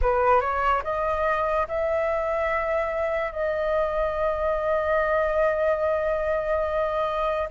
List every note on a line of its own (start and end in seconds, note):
0.01 0.40 B4
0.40 0.82 C#5
0.83 1.67 D#5
1.68 3.32 E5
3.32 7.48 D#5